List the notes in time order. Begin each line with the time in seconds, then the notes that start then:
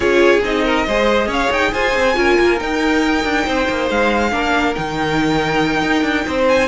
0.00 C#4 F4 G#4 C#5
0.43 C4 D#4 D#5
0.64 A#4
0.87 G#3 G#4 C5
1.27 C#4 C#5 F5
1.51 D#4 G5
1.73 F4 C5 G#5
1.95 C4
2.15 C#4 F4 A#4
2.38 A#3
2.57 D#4 G5
3.24 D4
3.45 C4 C5
3.69 A#3
3.89 G#3 F5
4.31 A#3 D4 A#4
4.74 D#3 D#4 G5
5.82 D#4
6.02 D4
6.26 C4 C5
6.47 G#5